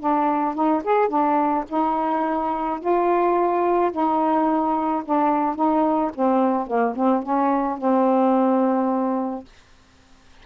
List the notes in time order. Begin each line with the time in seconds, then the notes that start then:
0.00 D4
0.55 D#4
0.84 G#4
1.09 D4
1.69 D#4
2.81 F4
3.92 D#4
5.05 D4
5.56 D#4
6.15 C4
6.67 A#3
6.95 C4
7.23 C#4
7.78 C4